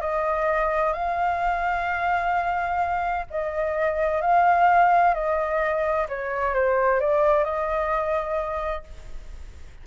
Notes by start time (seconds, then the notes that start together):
0.00 D#5
0.93 F5
3.30 D#5
4.21 F5
5.14 D#5
6.08 C#5
6.54 C5
7.00 D5
7.44 D#5